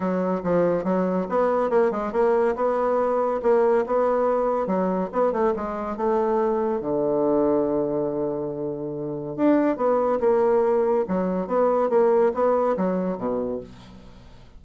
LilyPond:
\new Staff \with { instrumentName = "bassoon" } { \time 4/4 \tempo 4 = 141 fis4 f4 fis4 b4 | ais8 gis8 ais4 b2 | ais4 b2 fis4 | b8 a8 gis4 a2 |
d1~ | d2 d'4 b4 | ais2 fis4 b4 | ais4 b4 fis4 b,4 | }